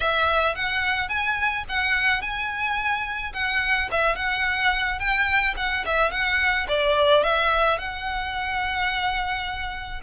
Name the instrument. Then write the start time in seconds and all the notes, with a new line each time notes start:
violin
0.00 E5
0.55 F#5
1.08 G#5
1.68 F#5
2.21 G#5
3.33 F#5
3.91 E5
4.15 F#5
4.98 G5
5.57 F#5
5.85 E5
6.11 F#5
6.68 D5
7.23 E5
7.78 F#5